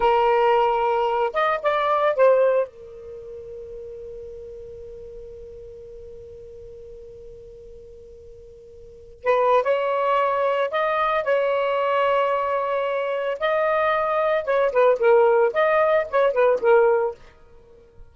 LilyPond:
\new Staff \with { instrumentName = "saxophone" } { \time 4/4 \tempo 4 = 112 ais'2~ ais'8 dis''8 d''4 | c''4 ais'2.~ | ais'1~ | ais'1~ |
ais'4~ ais'16 b'8. cis''2 | dis''4 cis''2.~ | cis''4 dis''2 cis''8 b'8 | ais'4 dis''4 cis''8 b'8 ais'4 | }